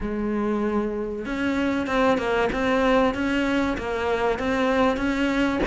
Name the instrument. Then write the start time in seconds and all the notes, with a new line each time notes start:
cello
0.00 G#3
1.25 C#4
1.86 C4
2.18 A#3
2.52 C4
3.14 C#4
3.77 A#3
4.38 C4
4.97 C#4